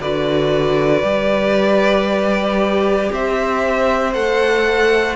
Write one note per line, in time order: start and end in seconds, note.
0.00 1.03 D3
0.00 1.03 F#4
0.00 3.12 B4
0.00 3.12 D5
1.03 3.10 G3
1.03 4.13 G4
3.12 4.15 C4
3.12 5.16 C5
3.12 4.14 E5
4.14 5.16 A3
4.14 5.16 A4
4.14 5.16 F#5